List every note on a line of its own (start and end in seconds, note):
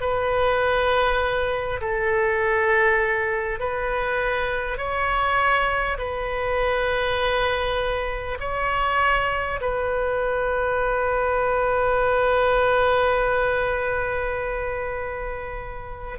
0.00 1.80 B4
1.80 3.59 A4
3.59 4.77 B4
4.77 5.97 C#5
5.97 8.37 B4
8.40 9.60 C#5
9.61 16.18 B4